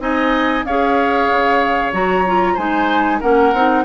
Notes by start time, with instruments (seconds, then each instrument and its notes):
0.00 bassoon C4, clarinet D#4, oboe D#5, flute G#5
0.65 bassoon C#4, clarinet G#4, oboe C#5, flute F5
1.30 bassoon C#3
1.93 bassoon F#3, clarinet F#4, flute A#5
2.27 clarinet F4
2.54 bassoon G#3, clarinet D#4, oboe C5, flute G#5
3.20 bassoon A#3, clarinet C#4, oboe A#4, flute F#5
3.54 bassoon C4, clarinet D#4